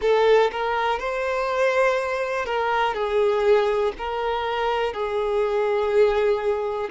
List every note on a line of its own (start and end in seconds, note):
0.01 0.50 A4
0.51 0.99 A#4
0.99 2.45 C5
2.45 2.94 A#4
2.94 3.92 G#4
3.98 4.93 A#4
4.93 6.89 G#4